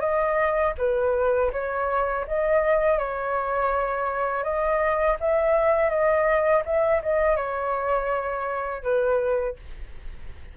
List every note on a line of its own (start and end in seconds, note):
0.00 0.73 D#5
0.78 1.51 B4
1.52 2.25 C#5
2.27 2.99 D#5
2.99 4.44 C#5
4.44 5.17 D#5
5.20 5.90 E5
5.90 6.63 D#5
6.65 7.02 E5
7.02 7.36 D#5
7.36 8.83 C#5
8.83 9.56 B4